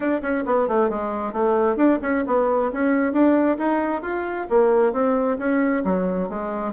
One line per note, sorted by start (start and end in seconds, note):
0.00 0.21 D4
0.21 0.44 C#4
0.45 0.67 B3
0.68 0.89 A3
0.89 1.32 G#3
1.32 1.76 A3
1.76 1.98 D4
2.02 2.24 C#4
2.26 2.71 B3
2.72 3.12 C#4
3.12 3.57 D4
3.57 4.02 D#4
4.02 4.47 F4
4.49 4.92 A#3
4.92 5.37 C4
5.38 5.83 C#4
5.84 6.29 F#3
6.29 6.73 G#3